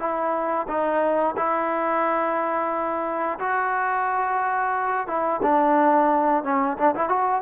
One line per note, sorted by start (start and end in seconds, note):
0.00 0.67 E4
0.68 1.36 D#4
1.37 3.39 E4
3.40 5.07 F#4
5.07 5.41 E4
5.43 6.44 D4
6.44 6.78 C#4
6.78 6.95 D4
6.96 7.09 E4
7.09 7.42 F#4